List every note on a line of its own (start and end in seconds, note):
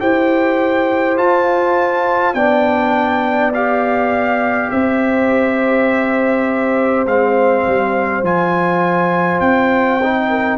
0.00 1.19 E4
0.00 1.17 G4
0.00 2.36 C5
0.00 1.18 G5
1.17 2.35 F4
1.17 2.34 F4
1.17 2.34 A5
2.34 4.70 B3
2.34 3.53 D4
2.34 4.72 D5
2.34 3.52 G5
3.54 7.07 G4
3.54 4.71 F5
4.71 7.06 C4
4.71 10.30 C5
4.71 7.06 E5
7.06 7.64 G#3
7.06 8.25 C4
7.06 8.25 F5
7.67 8.22 G3
8.22 9.40 F3
8.22 10.01 F4
8.22 9.40 G#5
9.40 10.58 C4
9.40 10.58 G5
10.03 10.58 D#4
10.30 10.58 A#4